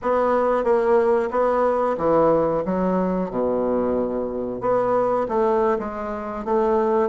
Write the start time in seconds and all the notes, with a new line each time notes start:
0.01 B3
0.64 A#3
1.30 B3
1.97 E3
2.65 F#3
3.30 B2
4.60 B3
5.28 A3
5.78 G#3
6.44 A3